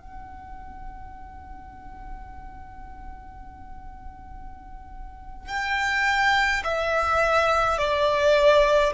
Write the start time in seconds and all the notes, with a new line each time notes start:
0.00 F#5
5.48 G5
6.65 E5
7.78 D5